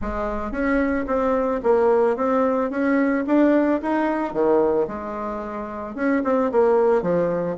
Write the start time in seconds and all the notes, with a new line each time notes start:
0.01 G#3
0.51 C#4
1.07 C4
1.63 A#3
2.16 C4
2.70 C#4
3.27 D4
3.82 D#4
4.33 D#3
4.87 G#3
5.95 C#4
6.24 C4
6.51 A#3
7.01 F3